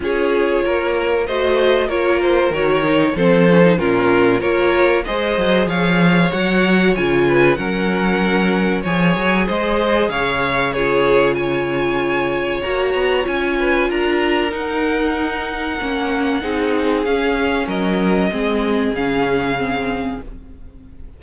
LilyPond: <<
  \new Staff \with { instrumentName = "violin" } { \time 4/4 \tempo 4 = 95 cis''2 dis''4 cis''8 c''8 | cis''4 c''4 ais'4 cis''4 | dis''4 f''4 fis''4 gis''4 | fis''2 gis''4 dis''4 |
f''4 cis''4 gis''2 | ais''4 gis''4 ais''4 fis''4~ | fis''2. f''4 | dis''2 f''2 | }
  \new Staff \with { instrumentName = "violin" } { \time 4/4 gis'4 ais'4 c''4 ais'4~ | ais'4 a'4 f'4 ais'4 | c''4 cis''2~ cis''8 b'8 | ais'2 cis''4 c''4 |
cis''4 gis'4 cis''2~ | cis''4. b'8 ais'2~ | ais'2 gis'2 | ais'4 gis'2. | }
  \new Staff \with { instrumentName = "viola" } { \time 4/4 f'2 fis'4 f'4 | fis'8 dis'8 c'8 cis'16 dis'16 cis'4 f'4 | gis'2 fis'4 f'4 | cis'2 gis'2~ |
gis'4 f'2. | fis'4 f'2 dis'4~ | dis'4 cis'4 dis'4 cis'4~ | cis'4 c'4 cis'4 c'4 | }
  \new Staff \with { instrumentName = "cello" } { \time 4/4 cis'4 ais4 a4 ais4 | dis4 f4 ais,4 ais4 | gis8 fis8 f4 fis4 cis4 | fis2 f8 fis8 gis4 |
cis1 | ais8 b8 cis'4 d'4 dis'4~ | dis'4 ais4 c'4 cis'4 | fis4 gis4 cis2 | }
>>